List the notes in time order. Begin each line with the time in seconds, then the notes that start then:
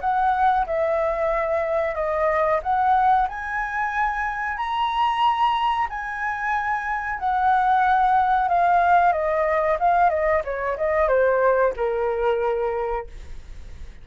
0.00 F#5
0.66 E5
1.94 D#5
2.62 F#5
3.28 G#5
4.57 A#5
5.89 G#5
7.19 F#5
8.48 F5
9.12 D#5
9.79 F5
10.09 D#5
10.44 C#5
10.77 D#5
11.08 C5
11.76 A#4